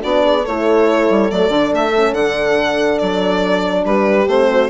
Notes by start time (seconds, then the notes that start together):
0.00 B3 D4 F#4 D5
0.23 G#4
0.43 A3 E4 A4 C#5
1.09 G3
1.30 F#3 A3 D5
1.49 D3 D4
1.73 A3 E5
1.95 C#4
2.12 D3 D4 F#5
2.98 F#3 D5
3.85 G3 G4 B4
4.27 A3 C4 C5
4.50 F#4